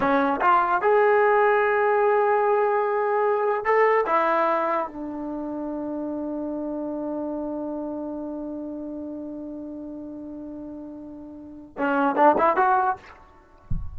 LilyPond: \new Staff \with { instrumentName = "trombone" } { \time 4/4 \tempo 4 = 148 cis'4 f'4 gis'2~ | gis'1~ | gis'4 a'4 e'2 | d'1~ |
d'1~ | d'1~ | d'1~ | d'4 cis'4 d'8 e'8 fis'4 | }